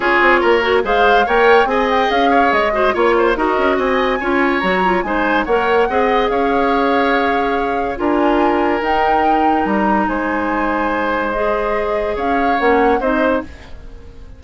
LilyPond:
<<
  \new Staff \with { instrumentName = "flute" } { \time 4/4 \tempo 4 = 143 cis''2 f''4 g''4 | gis''8 g''8 f''4 dis''4 cis''4 | dis''4 gis''2 ais''4 | gis''4 fis''2 f''4~ |
f''2. gis''4~ | gis''4 g''2 ais''4 | gis''2. dis''4~ | dis''4 f''4 fis''4 dis''4 | }
  \new Staff \with { instrumentName = "oboe" } { \time 4/4 gis'4 ais'4 c''4 cis''4 | dis''4. cis''4 c''8 cis''8 c''8 | ais'4 dis''4 cis''2 | c''4 cis''4 dis''4 cis''4~ |
cis''2. ais'4~ | ais'1 | c''1~ | c''4 cis''2 c''4 | }
  \new Staff \with { instrumentName = "clarinet" } { \time 4/4 f'4. fis'8 gis'4 ais'4 | gis'2~ gis'8 fis'8 f'4 | fis'2 f'4 fis'8 f'8 | dis'4 ais'4 gis'2~ |
gis'2. f'4~ | f'4 dis'2.~ | dis'2. gis'4~ | gis'2 cis'4 dis'4 | }
  \new Staff \with { instrumentName = "bassoon" } { \time 4/4 cis'8 c'8 ais4 gis4 ais4 | c'4 cis'4 gis4 ais4 | dis'8 cis'8 c'4 cis'4 fis4 | gis4 ais4 c'4 cis'4~ |
cis'2. d'4~ | d'4 dis'2 g4 | gis1~ | gis4 cis'4 ais4 c'4 | }
>>